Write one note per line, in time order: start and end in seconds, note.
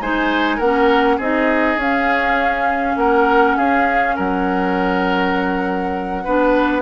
0.00 0.59 G#3
0.00 0.61 D#4
0.00 0.56 C5
0.00 0.59 G#5
0.56 1.18 A#3
0.56 1.20 C#4
0.56 1.16 A#4
0.56 1.18 F#5
1.17 1.76 C4
1.17 1.79 D#4
1.17 2.95 G#4
1.17 1.80 D#5
1.76 2.95 C#4
1.76 6.24 C#4
1.76 2.98 F5
2.96 3.55 A#3
2.96 3.56 A#4
2.96 3.57 F#5
3.56 4.16 C#4
3.56 4.15 G#4
3.56 4.16 F5
4.15 6.25 F#3
4.15 6.23 A#4
4.15 6.82 F#5
6.24 6.82 B3
6.24 6.82 D4
6.24 6.82 B4